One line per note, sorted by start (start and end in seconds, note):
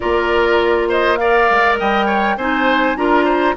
0.00 1.50 A#3
0.00 1.18 F4
0.00 0.88 A#4
0.00 0.89 D5
0.88 1.18 C5
0.88 1.16 D#5
1.16 2.39 A#4
1.16 1.79 D5
1.16 1.75 F5
1.50 1.80 G#3
1.79 2.37 G3
1.79 2.06 D#5
1.79 2.37 G5
2.06 2.35 C#5
2.37 2.96 C4
2.37 2.96 D#4
2.37 2.97 C5
2.37 2.96 G#5
2.96 3.55 D4
2.96 3.55 F4
2.96 3.24 A#4
2.96 3.55 A#5
3.24 3.54 C5